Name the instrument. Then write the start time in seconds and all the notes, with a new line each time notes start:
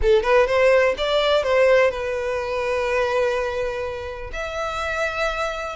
violin
0.01 A4
0.22 B4
0.46 C5
0.97 D5
1.43 C5
1.90 B4
4.32 E5